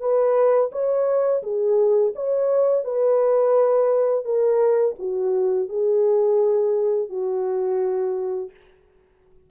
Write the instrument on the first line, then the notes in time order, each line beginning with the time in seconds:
horn
0.00 B4
0.72 C#5
1.43 G#4
2.15 C#5
2.85 B4
4.25 A#4
4.99 F#4
5.69 G#4
7.09 F#4